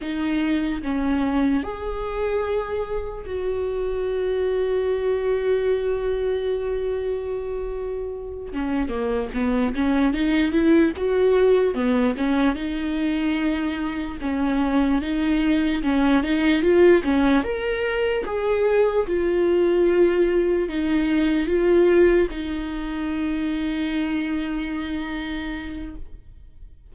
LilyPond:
\new Staff \with { instrumentName = "viola" } { \time 4/4 \tempo 4 = 74 dis'4 cis'4 gis'2 | fis'1~ | fis'2~ fis'8 cis'8 ais8 b8 | cis'8 dis'8 e'8 fis'4 b8 cis'8 dis'8~ |
dis'4. cis'4 dis'4 cis'8 | dis'8 f'8 cis'8 ais'4 gis'4 f'8~ | f'4. dis'4 f'4 dis'8~ | dis'1 | }